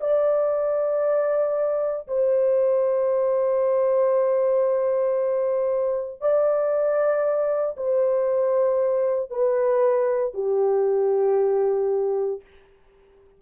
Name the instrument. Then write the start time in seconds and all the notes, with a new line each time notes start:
horn
0.00 D5
2.07 C5
6.20 D5
7.77 C5
9.30 B4
10.34 G4